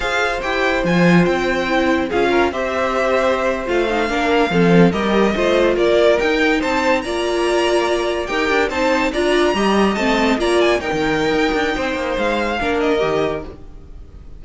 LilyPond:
<<
  \new Staff \with { instrumentName = "violin" } { \time 4/4 \tempo 4 = 143 f''4 g''4 gis''4 g''4~ | g''4 f''4 e''2~ | e''8. f''2. dis''16~ | dis''4.~ dis''16 d''4 g''4 a''16~ |
a''8. ais''2. g''16~ | g''8. a''4 ais''2 a''16~ | a''8. ais''8 gis''8 g''2~ g''16~ | g''4 f''4. dis''4. | }
  \new Staff \with { instrumentName = "violin" } { \time 4/4 c''1~ | c''4 gis'8 ais'8 c''2~ | c''4.~ c''16 ais'4 a'4 ais'16~ | ais'8. c''4 ais'2 c''16~ |
c''8. d''2. ais'16~ | ais'8. c''4 d''4 dis''4~ dis''16~ | dis''8. d''4 ais'2~ ais'16 | c''2 ais'2 | }
  \new Staff \with { instrumentName = "viola" } { \time 4/4 gis'4 g'4 f'2 | e'4 f'4 g'2~ | g'8. f'8 dis'8 d'4 c'4 g'16~ | g'8. f'2 dis'4~ dis'16~ |
dis'8. f'2. g'16~ | g'8. dis'4 f'4 g'4 c'16~ | c'8. f'4 dis'2~ dis'16~ | dis'2 d'4 g'4 | }
  \new Staff \with { instrumentName = "cello" } { \time 4/4 f'4 e'4 f4 c'4~ | c'4 cis'4 c'2~ | c'8. a4 ais4 f4 g16~ | g8. a4 ais4 dis'4 c'16~ |
c'8. ais2. dis'16~ | dis'16 d'8 c'4 d'4 g4 a16~ | a8. ais4 dis'16 dis4 dis'8 d'8 | c'8 ais8 gis4 ais4 dis4 | }
>>